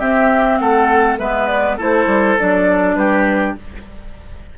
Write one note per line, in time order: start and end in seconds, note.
0.00 1.20 C4
0.00 0.60 C4
0.00 0.59 G4
0.00 0.58 E5
0.58 1.19 A3
0.58 1.19 A4
0.58 1.17 F#5
1.19 1.79 G#3
1.19 1.79 B3
1.19 1.77 B4
1.19 1.48 E5
1.48 1.77 D5
1.77 2.07 A3
1.77 2.38 E4
1.77 2.96 A4
1.77 2.40 C5
2.07 2.36 G3
2.39 2.96 F#3
2.39 3.58 D4
2.39 2.96 D5
2.96 3.55 G3
2.96 3.58 G4
2.96 3.56 B4